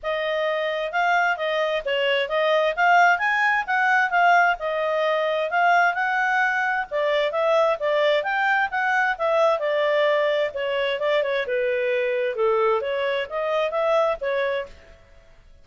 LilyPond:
\new Staff \with { instrumentName = "clarinet" } { \time 4/4 \tempo 4 = 131 dis''2 f''4 dis''4 | cis''4 dis''4 f''4 gis''4 | fis''4 f''4 dis''2 | f''4 fis''2 d''4 |
e''4 d''4 g''4 fis''4 | e''4 d''2 cis''4 | d''8 cis''8 b'2 a'4 | cis''4 dis''4 e''4 cis''4 | }